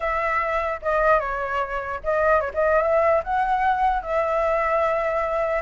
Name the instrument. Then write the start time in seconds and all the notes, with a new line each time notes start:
flute
0.00 E5
0.82 D#5
1.19 C#5
2.03 D#5
2.40 C#5
2.54 D#5
2.82 E5
3.23 F#5
4.02 E5